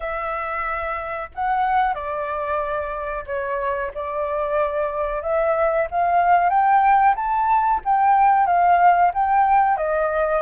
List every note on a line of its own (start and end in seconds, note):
0.00 1.29 E5
1.35 1.94 F#5
1.94 3.24 D5
3.26 3.91 C#5
3.94 5.22 D5
5.22 5.87 E5
5.90 6.49 F5
6.49 7.14 G5
7.15 7.80 A5
7.84 8.46 G5
8.46 9.11 F5
9.14 9.77 G5
9.77 10.42 D#5